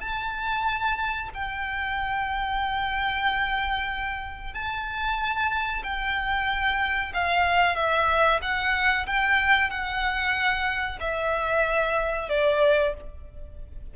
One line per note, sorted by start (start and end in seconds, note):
0.00 1.29 A5
1.34 4.53 G5
4.53 5.82 A5
5.83 7.12 G5
7.13 7.75 F5
7.75 8.40 E5
8.41 9.06 F#5
9.06 9.70 G5
9.70 10.99 F#5
11.00 12.29 E5
12.29 12.93 D5